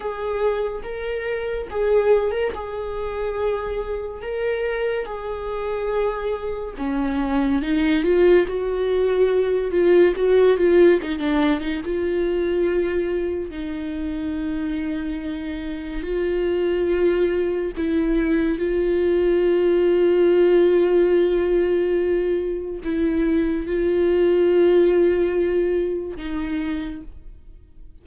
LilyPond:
\new Staff \with { instrumentName = "viola" } { \time 4/4 \tempo 4 = 71 gis'4 ais'4 gis'8. ais'16 gis'4~ | gis'4 ais'4 gis'2 | cis'4 dis'8 f'8 fis'4. f'8 | fis'8 f'8 dis'16 d'8 dis'16 f'2 |
dis'2. f'4~ | f'4 e'4 f'2~ | f'2. e'4 | f'2. dis'4 | }